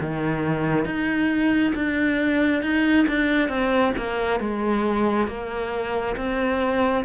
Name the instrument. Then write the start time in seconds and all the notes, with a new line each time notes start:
cello
0.00 D#3
0.85 D#4
1.74 D4
2.62 D#4
3.07 D4
3.48 C4
3.97 A#3
4.40 G#3
5.27 A#3
6.16 C4